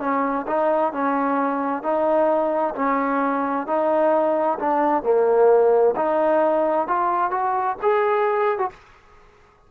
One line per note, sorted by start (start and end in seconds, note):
0.00 0.46 C#4
0.47 0.93 D#4
0.93 1.83 C#4
1.83 2.74 D#4
2.75 3.67 C#4
3.67 4.59 D#4
4.59 5.03 D4
5.03 5.95 A#3
5.96 6.88 D#4
6.88 7.31 F4
7.31 7.77 F#4
7.82 8.59 G#4
8.59 8.70 F#4